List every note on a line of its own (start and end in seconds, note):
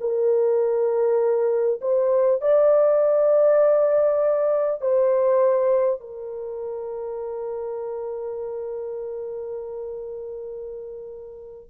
0.00 1.80 A#4
1.81 2.41 C5
2.41 4.81 D5
4.81 6.00 C5
6.00 11.69 A#4